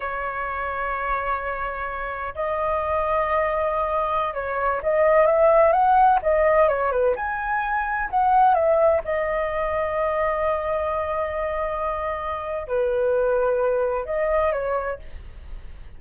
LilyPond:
\new Staff \with { instrumentName = "flute" } { \time 4/4 \tempo 4 = 128 cis''1~ | cis''4 dis''2.~ | dis''4~ dis''16 cis''4 dis''4 e''8.~ | e''16 fis''4 dis''4 cis''8 b'8 gis''8.~ |
gis''4~ gis''16 fis''4 e''4 dis''8.~ | dis''1~ | dis''2. b'4~ | b'2 dis''4 cis''4 | }